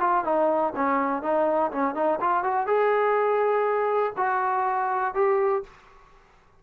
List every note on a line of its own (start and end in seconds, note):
0.00 0.24 F4
0.24 0.73 D#4
0.76 1.22 C#4
1.22 1.71 D#4
1.71 1.94 C#4
1.94 2.19 D#4
2.20 2.44 F4
2.44 2.67 F#4
2.67 4.13 G#4
4.17 5.14 F#4
5.14 5.63 G4